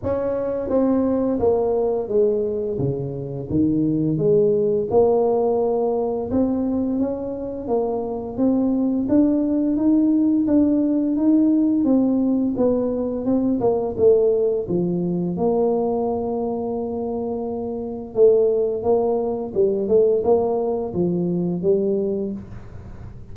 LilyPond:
\new Staff \with { instrumentName = "tuba" } { \time 4/4 \tempo 4 = 86 cis'4 c'4 ais4 gis4 | cis4 dis4 gis4 ais4~ | ais4 c'4 cis'4 ais4 | c'4 d'4 dis'4 d'4 |
dis'4 c'4 b4 c'8 ais8 | a4 f4 ais2~ | ais2 a4 ais4 | g8 a8 ais4 f4 g4 | }